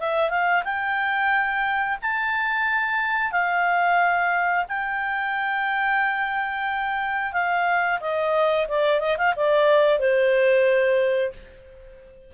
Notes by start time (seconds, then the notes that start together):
0.00 E5
0.30 F5
0.65 G5
2.02 A5
3.32 F5
4.68 G5
7.33 F5
8.00 D#5
8.68 D5
9.00 D#5
9.18 F5
9.36 D5
9.99 C5